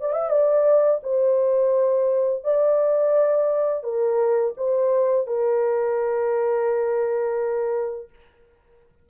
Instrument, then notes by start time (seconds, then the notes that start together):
horn
0.00 D5
0.13 E5
0.30 D5
1.03 C5
2.44 D5
3.83 A#4
4.57 C5
5.27 A#4